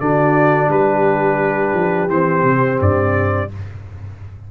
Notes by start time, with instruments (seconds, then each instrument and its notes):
0.00 tuba D3, trombone D4, horn F#4, trumpet D5
0.68 tuba G3, horn G4, trumpet B4
1.74 tuba F3
2.09 tuba E3, trombone C4, trumpet C5
2.43 tuba C3
2.81 tuba G2, trumpet D5